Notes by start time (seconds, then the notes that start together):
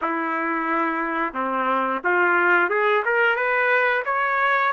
0.01 E4
1.33 C4
2.04 F4
2.69 G#4
3.05 A#4
3.36 B4
4.05 C#5